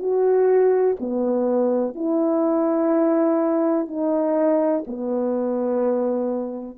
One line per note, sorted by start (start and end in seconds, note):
0.00 0.97 F#4
1.00 1.95 B3
1.95 3.88 E4
3.88 4.84 D#4
4.87 6.79 B3